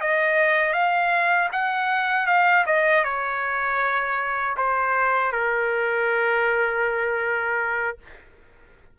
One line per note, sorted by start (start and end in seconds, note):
0.00 0.73 D#5
0.73 1.49 F5
1.52 2.26 F#5
2.26 2.64 F5
2.66 3.04 D#5
3.04 4.56 C#5
4.57 5.32 C5
5.32 7.97 A#4